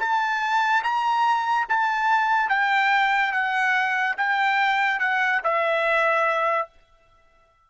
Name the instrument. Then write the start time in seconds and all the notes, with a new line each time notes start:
trumpet
0.00 A5
0.84 A#5
1.69 A5
2.50 G5
3.33 F#5
4.17 G5
5.00 F#5
5.44 E5